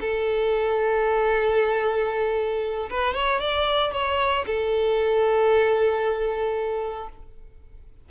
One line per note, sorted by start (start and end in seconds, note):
0.00 2.89 A4
2.90 3.14 B4
3.14 3.40 C#5
3.40 3.93 D5
3.93 4.45 C#5
4.46 7.09 A4